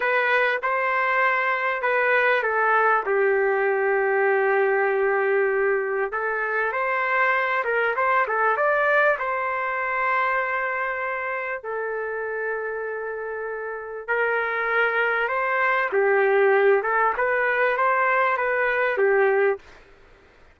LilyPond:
\new Staff \with { instrumentName = "trumpet" } { \time 4/4 \tempo 4 = 98 b'4 c''2 b'4 | a'4 g'2.~ | g'2 a'4 c''4~ | c''8 ais'8 c''8 a'8 d''4 c''4~ |
c''2. a'4~ | a'2. ais'4~ | ais'4 c''4 g'4. a'8 | b'4 c''4 b'4 g'4 | }